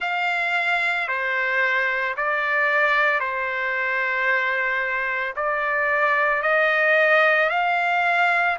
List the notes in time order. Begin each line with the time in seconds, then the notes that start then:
0.00 F5
1.08 C5
2.16 D5
3.19 C5
5.36 D5
6.42 D#5
7.49 F5